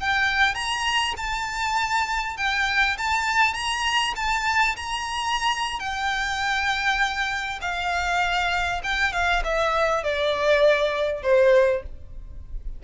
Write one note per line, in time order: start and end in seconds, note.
0.00 0.55 G5
0.55 1.15 A#5
1.17 2.37 A5
2.37 2.97 G5
2.98 3.54 A5
3.54 4.14 A#5
4.16 4.76 A5
4.76 5.79 A#5
5.79 7.59 G5
7.61 8.81 F5
8.83 9.13 G5
9.13 9.43 F5
9.44 10.03 E5
10.03 11.23 D5
11.23 11.83 C5